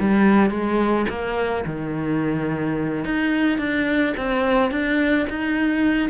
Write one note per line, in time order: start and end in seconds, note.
0.00 0.51 G3
0.51 1.06 G#3
1.09 1.65 A#3
1.66 3.05 D#3
3.05 3.58 D#4
3.58 4.14 D4
4.17 4.71 C4
4.71 5.27 D4
5.30 6.10 D#4